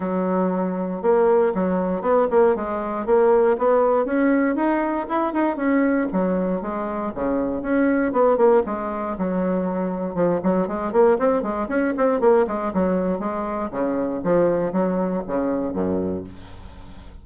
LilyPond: \new Staff \with { instrumentName = "bassoon" } { \time 4/4 \tempo 4 = 118 fis2 ais4 fis4 | b8 ais8 gis4 ais4 b4 | cis'4 dis'4 e'8 dis'8 cis'4 | fis4 gis4 cis4 cis'4 |
b8 ais8 gis4 fis2 | f8 fis8 gis8 ais8 c'8 gis8 cis'8 c'8 | ais8 gis8 fis4 gis4 cis4 | f4 fis4 cis4 fis,4 | }